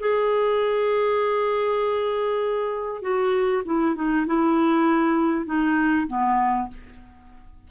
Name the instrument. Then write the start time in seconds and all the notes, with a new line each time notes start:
clarinet
0.00 G#4
3.02 F#4
3.65 E4
3.96 D#4
4.27 E4
5.46 D#4
6.08 B3